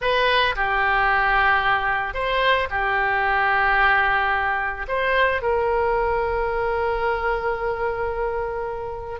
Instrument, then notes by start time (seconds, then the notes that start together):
oboe
0.01 B4
0.55 G4
2.14 C5
2.70 G4
4.87 C5
5.42 A#4